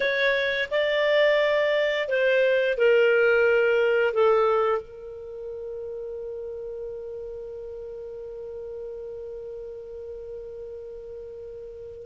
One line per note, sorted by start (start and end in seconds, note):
0.00 0.69 C#5
0.71 2.08 D5
2.08 2.77 C5
2.77 4.13 A#4
4.13 4.82 A4
4.82 12.06 A#4